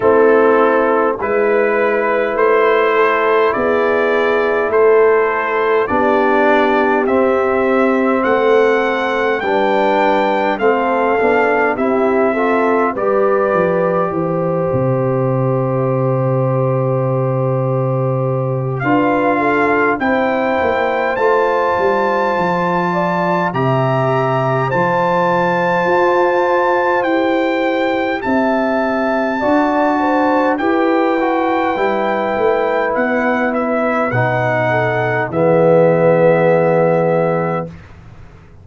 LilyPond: <<
  \new Staff \with { instrumentName = "trumpet" } { \time 4/4 \tempo 4 = 51 a'4 b'4 c''4 d''4 | c''4 d''4 e''4 fis''4 | g''4 f''4 e''4 d''4 | e''1 |
f''4 g''4 a''2 | ais''4 a''2 g''4 | a''2 g''2 | fis''8 e''8 fis''4 e''2 | }
  \new Staff \with { instrumentName = "horn" } { \time 4/4 e'4 b'4. a'8 gis'4 | a'4 g'2 a'4 | b'4 a'4 g'8 a'8 b'4 | c''1 |
b'8 a'8 c''2~ c''8 d''8 | e''4 c''2. | e''4 d''8 c''8 b'2~ | b'4. a'8 gis'2 | }
  \new Staff \with { instrumentName = "trombone" } { \time 4/4 c'4 e'2.~ | e'4 d'4 c'2 | d'4 c'8 d'8 e'8 f'8 g'4~ | g'1 |
f'4 e'4 f'2 | g'4 f'2 g'4~ | g'4 fis'4 g'8 fis'8 e'4~ | e'4 dis'4 b2 | }
  \new Staff \with { instrumentName = "tuba" } { \time 4/4 a4 gis4 a4 b4 | a4 b4 c'4 a4 | g4 a8 b8 c'4 g8 f8 | e8 c2.~ c8 |
d'4 c'8 ais8 a8 g8 f4 | c4 f4 f'4 e'4 | c'4 d'4 e'4 g8 a8 | b4 b,4 e2 | }
>>